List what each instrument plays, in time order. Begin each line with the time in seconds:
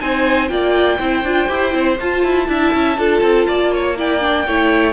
0.00 cello C4, viola D#4, violin C5 G#5
0.49 cello A#3, viola F4, violin D5 G5
0.99 cello C4, viola E4, violin C5
1.24 cello D4, viola F4
1.48 cello E4, viola G4
1.72 cello C4, viola E4
2.00 cello F4, viola F4, violin A5
2.24 cello E4
2.47 cello D4, viola E4, violin E5
2.74 cello C#4
2.97 cello D4, viola F4, violin A4
3.22 cello C4
3.48 cello A#3, violin D5
3.73 violin C#5
3.97 viola E4, violin D5 G5
4.21 viola D4
4.47 cello A3, viola E4, violin C#5